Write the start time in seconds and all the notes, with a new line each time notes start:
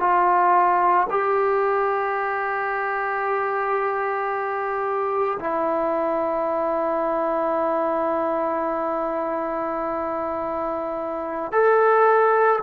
0.00 F4
1.10 G4
5.40 E4
11.52 A4